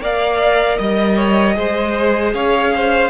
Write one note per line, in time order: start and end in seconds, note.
0.00 0.78 A#3
0.00 1.55 A#4
0.00 0.79 D5
0.00 0.77 F5
0.77 1.56 G3
0.77 2.33 D#5
0.77 1.16 D#5
1.16 1.55 C#5
1.55 2.34 G#3
1.55 3.10 G#4
1.55 2.34 C5
2.34 3.10 C#4
2.34 2.73 C#5
2.34 3.10 F5
2.75 3.10 C5